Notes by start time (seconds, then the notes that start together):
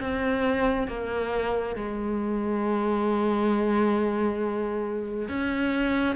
0.00 C4
0.88 A#3
1.76 G#3
5.29 C#4